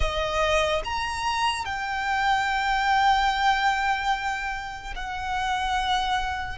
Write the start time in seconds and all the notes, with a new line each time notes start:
0.00 D#5
0.84 A#5
1.65 G5
4.95 F#5